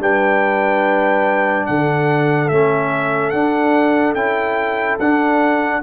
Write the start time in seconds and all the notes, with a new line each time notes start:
0.00 G3 D4 B4 G5
1.66 D3 A4 F#5
2.49 A3 C#4 E5
3.30 D4 F#5
4.15 C#4 E4 G5
4.99 D4 F#5